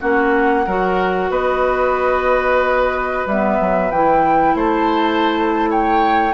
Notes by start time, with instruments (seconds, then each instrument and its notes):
0.00 bassoon A#3, clarinet C#4, oboe F#4, flute F#5
0.66 bassoon F#3, clarinet F#4, oboe A#4
1.30 bassoon B3, oboe B4, flute D#5
3.26 bassoon G3, clarinet B3, flute E5
3.60 bassoon F#3
3.91 bassoon E3, clarinet E4, flute G5
4.55 bassoon A3, oboe C5, flute A5
5.70 oboe C#5, flute G5